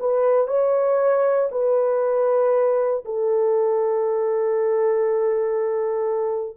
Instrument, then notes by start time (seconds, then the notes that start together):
horn
0.00 B4
0.48 C#5
1.52 B4
3.06 A4